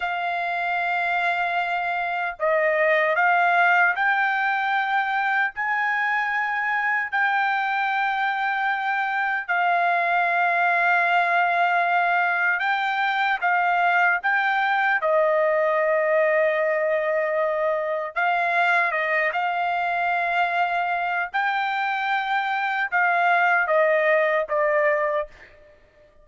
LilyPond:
\new Staff \with { instrumentName = "trumpet" } { \time 4/4 \tempo 4 = 76 f''2. dis''4 | f''4 g''2 gis''4~ | gis''4 g''2. | f''1 |
g''4 f''4 g''4 dis''4~ | dis''2. f''4 | dis''8 f''2~ f''8 g''4~ | g''4 f''4 dis''4 d''4 | }